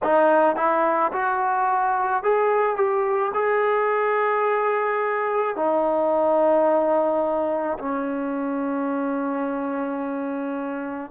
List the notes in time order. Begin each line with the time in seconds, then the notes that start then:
0.03 D#4
0.56 E4
1.12 F#4
2.23 G#4
2.76 G4
3.33 G#4
5.56 D#4
7.78 C#4